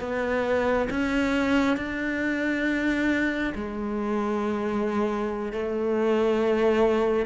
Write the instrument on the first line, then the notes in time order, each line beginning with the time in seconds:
cello
0.00 B3
0.90 C#4
1.76 D4
3.55 G#3
5.52 A3